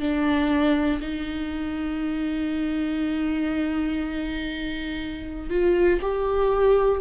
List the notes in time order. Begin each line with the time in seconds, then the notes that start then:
0.00 D4
1.01 D#4
5.50 F4
6.01 G4